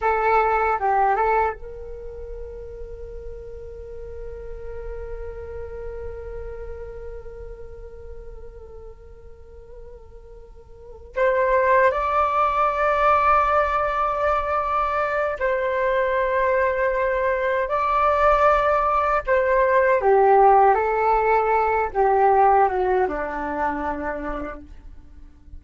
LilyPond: \new Staff \with { instrumentName = "flute" } { \time 4/4 \tempo 4 = 78 a'4 g'8 a'8 ais'2~ | ais'1~ | ais'1~ | ais'2~ ais'8 c''4 d''8~ |
d''1 | c''2. d''4~ | d''4 c''4 g'4 a'4~ | a'8 g'4 fis'8 d'2 | }